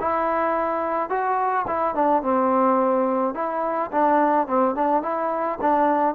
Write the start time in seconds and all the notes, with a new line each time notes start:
0.00 E4
1.10 F#4
1.67 E4
1.95 D4
2.23 C4
3.35 E4
3.92 D4
4.47 C4
4.75 D4
5.03 E4
5.62 D4